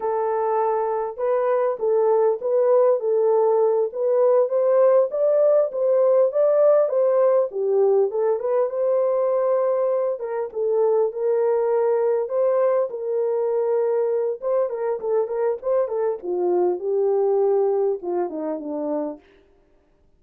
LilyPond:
\new Staff \with { instrumentName = "horn" } { \time 4/4 \tempo 4 = 100 a'2 b'4 a'4 | b'4 a'4. b'4 c''8~ | c''8 d''4 c''4 d''4 c''8~ | c''8 g'4 a'8 b'8 c''4.~ |
c''4 ais'8 a'4 ais'4.~ | ais'8 c''4 ais'2~ ais'8 | c''8 ais'8 a'8 ais'8 c''8 a'8 f'4 | g'2 f'8 dis'8 d'4 | }